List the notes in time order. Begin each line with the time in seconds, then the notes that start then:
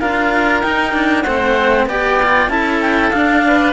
0.00 D4 F4 A#4 F5
0.61 D#4 G5
0.94 D4
1.22 A3 C4 C5 F#5
1.86 B3 G4 D5 G5
2.23 F4
2.48 C#4 E4 A4 A5
2.81 G5
3.11 D4 F5
3.47 B4